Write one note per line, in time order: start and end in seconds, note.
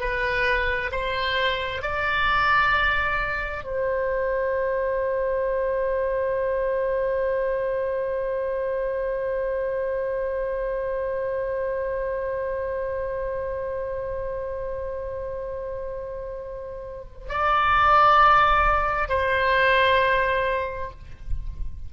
0.00 0.91 B4
0.92 1.82 C5
1.82 3.64 D5
3.64 17.28 C5
17.29 19.09 D5
19.09 20.91 C5